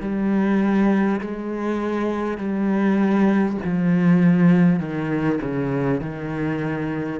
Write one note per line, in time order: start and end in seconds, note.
0.00 1.20 G3
1.20 2.37 G#3
2.37 3.57 G3
3.64 4.79 F3
4.79 5.39 D#3
5.41 6.00 C#3
6.00 7.19 D#3